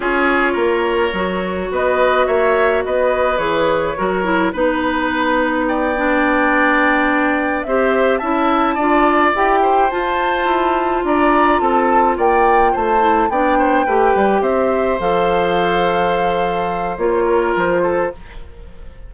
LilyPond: <<
  \new Staff \with { instrumentName = "flute" } { \time 4/4 \tempo 4 = 106 cis''2. dis''4 | e''4 dis''4 cis''2 | b'2 g''2~ | g''4. e''4 a''4.~ |
a''8 g''4 a''2 ais''8~ | ais''8 a''4 g''4 a''4 g''8~ | g''4. e''4 f''4.~ | f''2 cis''4 c''4 | }
  \new Staff \with { instrumentName = "oboe" } { \time 4/4 gis'4 ais'2 b'4 | cis''4 b'2 ais'4 | b'2 d''2~ | d''4. c''4 e''4 d''8~ |
d''4 c''2~ c''8 d''8~ | d''8 a'4 d''4 c''4 d''8 | c''8 b'4 c''2~ c''8~ | c''2~ c''8 ais'4 a'8 | }
  \new Staff \with { instrumentName = "clarinet" } { \time 4/4 f'2 fis'2~ | fis'2 gis'4 fis'8 e'8 | dis'2~ dis'8 d'4.~ | d'4. g'4 e'4 f'8~ |
f'8 g'4 f'2~ f'8~ | f'2. e'8 d'8~ | d'8 g'2 a'4.~ | a'2 f'2 | }
  \new Staff \with { instrumentName = "bassoon" } { \time 4/4 cis'4 ais4 fis4 b4 | ais4 b4 e4 fis4 | b1~ | b4. c'4 cis'4 d'8~ |
d'8 e'4 f'4 e'4 d'8~ | d'8 c'4 ais4 a4 b8~ | b8 a8 g8 c'4 f4.~ | f2 ais4 f4 | }
>>